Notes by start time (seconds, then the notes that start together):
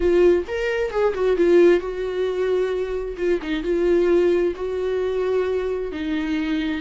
0.00 F4
0.47 A#4
0.90 G#4
1.14 F#4
1.36 F4
1.80 F#4
3.17 F4
3.42 D#4
3.63 F4
4.55 F#4
5.92 D#4